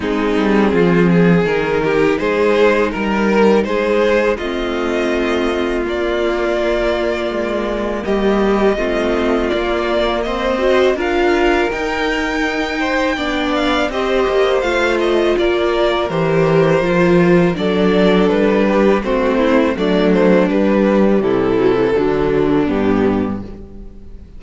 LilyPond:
<<
  \new Staff \with { instrumentName = "violin" } { \time 4/4 \tempo 4 = 82 gis'2 ais'4 c''4 | ais'4 c''4 dis''2 | d''2. dis''4~ | dis''4 d''4 dis''4 f''4 |
g''2~ g''8 f''8 dis''4 | f''8 dis''8 d''4 c''2 | d''4 b'4 c''4 d''8 c''8 | b'4 a'2 g'4 | }
  \new Staff \with { instrumentName = "violin" } { \time 4/4 dis'4 f'8 gis'4 g'8 gis'4 | ais'4 gis'4 f'2~ | f'2. g'4 | f'2 c''4 ais'4~ |
ais'4. c''8 d''4 c''4~ | c''4 ais'2. | a'4. g'8 fis'8 e'8 d'4~ | d'4 e'4 d'2 | }
  \new Staff \with { instrumentName = "viola" } { \time 4/4 c'2 dis'2~ | dis'2 c'2 | ais1 | c'4 ais4. fis'8 f'4 |
dis'2 d'4 g'4 | f'2 g'4 f'4 | d'2 c'4 a4 | g4. fis16 e16 fis4 b4 | }
  \new Staff \with { instrumentName = "cello" } { \time 4/4 gis8 g8 f4 dis4 gis4 | g4 gis4 a2 | ais2 gis4 g4 | a4 ais4 c'4 d'4 |
dis'2 b4 c'8 ais8 | a4 ais4 e4 f4 | fis4 g4 a4 fis4 | g4 c4 d4 g,4 | }
>>